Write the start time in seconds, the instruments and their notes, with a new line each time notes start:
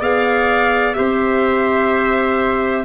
0.00 tuba B3, clarinet G#4, trumpet D5, violin F5
0.93 tuba C4, clarinet G4, trumpet C5, violin E5